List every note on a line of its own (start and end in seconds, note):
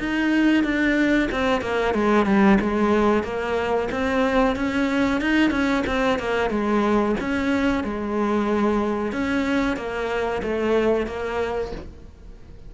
0.00 0.64 D#4
0.64 1.29 D4
1.32 1.62 C4
1.62 1.94 A#3
1.95 2.26 G#3
2.26 2.58 G3
2.61 3.24 G#3
3.24 3.89 A#3
3.92 4.56 C4
4.56 5.21 C#4
5.21 5.51 D#4
5.51 5.84 C#4
5.87 6.19 C4
6.19 6.51 A#3
6.51 7.16 G#3
7.20 7.84 C#4
7.84 9.13 G#3
9.13 9.77 C#4
9.77 10.42 A#3
10.43 11.07 A3
11.07 11.72 A#3